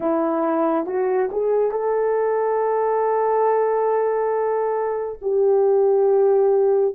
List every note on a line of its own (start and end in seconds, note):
0.00 0.86 E4
0.86 1.29 F#4
1.31 1.71 G#4
1.71 5.19 A4
5.21 6.95 G4